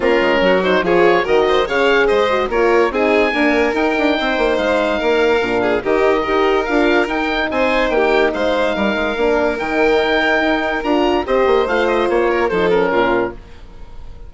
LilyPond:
<<
  \new Staff \with { instrumentName = "oboe" } { \time 4/4 \tempo 4 = 144 ais'4. c''8 cis''4 dis''4 | f''4 dis''4 cis''4 gis''4~ | gis''4 g''2 f''4~ | f''2 dis''2 |
f''4 g''4 gis''4 g''4 | f''2. g''4~ | g''2 ais''4 dis''4 | f''8 dis''8 cis''4 c''8 ais'4. | }
  \new Staff \with { instrumentName = "violin" } { \time 4/4 f'4 fis'4 gis'4 ais'8 c''8 | cis''4 c''4 ais'4 gis'4 | ais'2 c''2 | ais'4. gis'8 g'4 ais'4~ |
ais'2 c''4 g'4 | c''4 ais'2.~ | ais'2. c''4~ | c''4. ais'8 a'4 f'4 | }
  \new Staff \with { instrumentName = "horn" } { \time 4/4 cis'4. dis'8 f'4 fis'4 | gis'4. fis'8 f'4 dis'4 | ais4 dis'2.~ | dis'4 d'4 dis'4 g'4 |
f'4 dis'2.~ | dis'2 d'4 dis'4~ | dis'2 f'4 g'4 | f'2 dis'8 cis'4. | }
  \new Staff \with { instrumentName = "bassoon" } { \time 4/4 ais8 gis8 fis4 f4 dis4 | cis4 gis4 ais4 c'4 | d'4 dis'8 d'8 c'8 ais8 gis4 | ais4 ais,4 dis4 dis'4 |
d'4 dis'4 c'4 ais4 | gis4 g8 gis8 ais4 dis4~ | dis4 dis'4 d'4 c'8 ais8 | a4 ais4 f4 ais,4 | }
>>